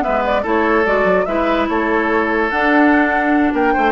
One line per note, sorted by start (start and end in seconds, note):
0.00 0.41 B3
0.00 0.42 B4
0.00 0.24 E5
0.07 0.44 G#3
0.24 0.45 D5
0.42 0.85 A3
0.42 0.84 E4
0.42 1.24 A4
0.42 0.85 C#5
0.85 1.04 G#3
0.85 1.26 F#4
0.85 1.25 D5
1.04 1.24 F#3
1.25 1.68 G#3
1.25 2.50 E4
1.25 1.69 B4
1.25 1.66 E5
1.68 2.51 A3
1.68 3.53 A4
1.68 2.50 C#5
2.50 3.53 D4
2.50 3.91 D4
2.50 3.52 F#5
3.53 3.73 A#3
3.53 3.73 A#4
3.53 3.91 G5
3.73 3.91 A3
3.73 3.91 C5